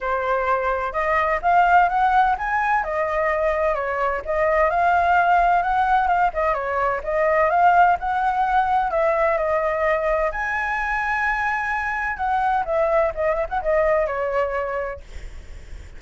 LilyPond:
\new Staff \with { instrumentName = "flute" } { \time 4/4 \tempo 4 = 128 c''2 dis''4 f''4 | fis''4 gis''4 dis''2 | cis''4 dis''4 f''2 | fis''4 f''8 dis''8 cis''4 dis''4 |
f''4 fis''2 e''4 | dis''2 gis''2~ | gis''2 fis''4 e''4 | dis''8 e''16 fis''16 dis''4 cis''2 | }